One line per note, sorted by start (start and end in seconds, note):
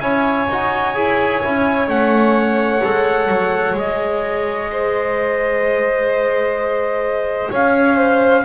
0.00 0.47 C#4
0.00 0.47 E4
0.00 4.71 C#5
0.00 1.88 G#5
0.48 0.95 D#4
0.48 0.94 F#4
0.94 1.42 E4
0.94 1.41 G#4
1.42 1.88 C#4
1.42 1.88 E4
1.88 2.82 A3
1.88 2.82 C#4
1.88 3.77 F#5
2.83 3.28 G#3
2.83 3.76 A4
3.28 3.74 F#3
3.74 7.49 G#3
3.74 8.44 G#4
3.74 7.53 D#5
4.71 7.50 C5
7.50 8.44 C#4
7.50 7.96 C#5
7.50 8.44 F5
7.96 8.43 C5